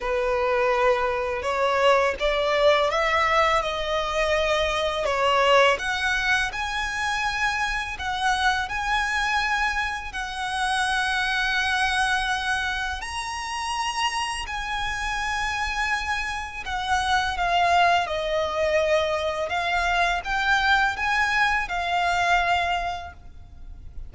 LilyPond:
\new Staff \with { instrumentName = "violin" } { \time 4/4 \tempo 4 = 83 b'2 cis''4 d''4 | e''4 dis''2 cis''4 | fis''4 gis''2 fis''4 | gis''2 fis''2~ |
fis''2 ais''2 | gis''2. fis''4 | f''4 dis''2 f''4 | g''4 gis''4 f''2 | }